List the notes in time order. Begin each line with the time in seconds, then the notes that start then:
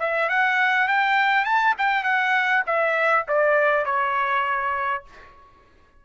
0.00 E5
0.29 F#5
0.88 G5
1.45 A5
1.78 G5
2.04 F#5
2.67 E5
3.28 D5
3.85 C#5